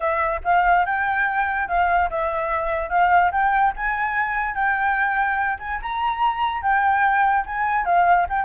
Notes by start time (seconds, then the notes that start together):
0.00 E5
0.44 F5
0.85 G5
1.68 F5
2.10 E5
2.89 F5
3.31 G5
3.76 G#5
4.54 G5
5.59 G#5
5.82 A#5
6.62 G5
7.46 G#5
7.85 F5
8.29 G5